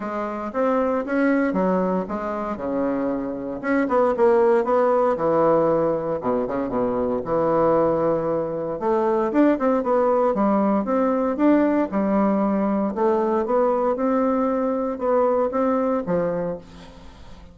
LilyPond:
\new Staff \with { instrumentName = "bassoon" } { \time 4/4 \tempo 4 = 116 gis4 c'4 cis'4 fis4 | gis4 cis2 cis'8 b8 | ais4 b4 e2 | b,8 cis8 b,4 e2~ |
e4 a4 d'8 c'8 b4 | g4 c'4 d'4 g4~ | g4 a4 b4 c'4~ | c'4 b4 c'4 f4 | }